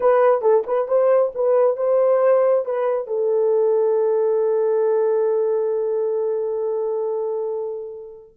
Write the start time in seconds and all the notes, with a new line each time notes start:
0.00 B4
0.41 A4
0.67 B4
0.88 C5
1.34 B4
1.76 C5
2.65 B4
3.07 A4